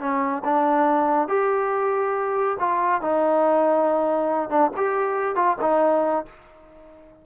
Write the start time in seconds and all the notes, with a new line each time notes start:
0.00 C#4
0.45 D4
1.29 G4
2.60 F4
3.02 D#4
4.50 D4
4.77 G4
5.36 F4
5.61 D#4